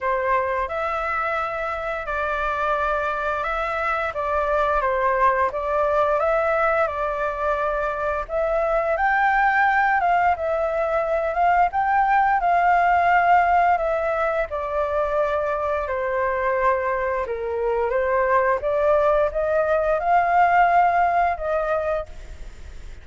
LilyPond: \new Staff \with { instrumentName = "flute" } { \time 4/4 \tempo 4 = 87 c''4 e''2 d''4~ | d''4 e''4 d''4 c''4 | d''4 e''4 d''2 | e''4 g''4. f''8 e''4~ |
e''8 f''8 g''4 f''2 | e''4 d''2 c''4~ | c''4 ais'4 c''4 d''4 | dis''4 f''2 dis''4 | }